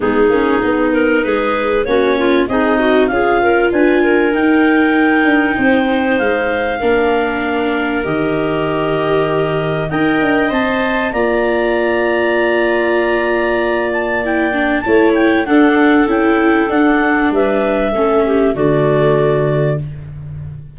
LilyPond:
<<
  \new Staff \with { instrumentName = "clarinet" } { \time 4/4 \tempo 4 = 97 gis'4. ais'8 b'4 cis''4 | dis''4 f''4 gis''4 g''4~ | g''2 f''2~ | f''4 dis''2. |
g''4 a''4 ais''2~ | ais''2~ ais''8 a''8 g''4 | a''8 g''8 fis''4 g''4 fis''4 | e''2 d''2 | }
  \new Staff \with { instrumentName = "clarinet" } { \time 4/4 dis'2 gis'4 fis'8 f'8 | dis'4 gis'8 ais'8 b'8 ais'4.~ | ais'4 c''2 ais'4~ | ais'1 |
dis''2 d''2~ | d''1 | cis''4 a'2. | b'4 a'8 g'8 fis'2 | }
  \new Staff \with { instrumentName = "viola" } { \time 4/4 b8 cis'8 dis'2 cis'4 | gis'8 fis'8 f'2 dis'4~ | dis'2. d'4~ | d'4 g'2. |
ais'4 c''4 f'2~ | f'2. e'8 d'8 | e'4 d'4 e'4 d'4~ | d'4 cis'4 a2 | }
  \new Staff \with { instrumentName = "tuba" } { \time 4/4 gis8 ais8 b4 gis4 ais4 | c'4 cis'4 d'4 dis'4~ | dis'8 d'8 c'4 gis4 ais4~ | ais4 dis2. |
dis'8 d'8 c'4 ais2~ | ais1 | a4 d'4 cis'4 d'4 | g4 a4 d2 | }
>>